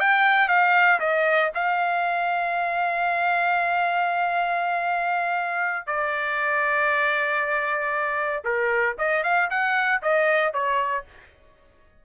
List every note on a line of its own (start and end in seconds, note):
0.00 0.48 G5
0.48 1.00 F5
1.00 1.52 D#5
1.55 5.87 F5
5.87 8.43 D5
8.45 8.96 A#4
8.99 9.24 D#5
9.24 9.50 F5
9.51 10.02 F#5
10.03 10.54 D#5
10.54 11.05 C#5